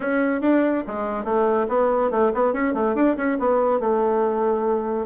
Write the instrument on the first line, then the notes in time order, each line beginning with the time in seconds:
bassoon
0.00 C#4
0.41 D4
0.87 G#3
1.24 A3
1.68 B3
2.10 A3
2.34 B3
2.53 C#4
2.74 A3
2.95 D4
3.17 C#4
3.39 B3
3.80 A3